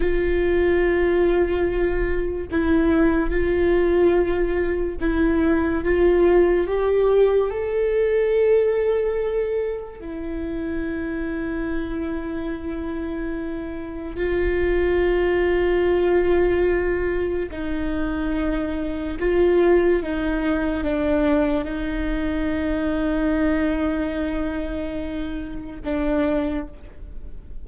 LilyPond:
\new Staff \with { instrumentName = "viola" } { \time 4/4 \tempo 4 = 72 f'2. e'4 | f'2 e'4 f'4 | g'4 a'2. | e'1~ |
e'4 f'2.~ | f'4 dis'2 f'4 | dis'4 d'4 dis'2~ | dis'2. d'4 | }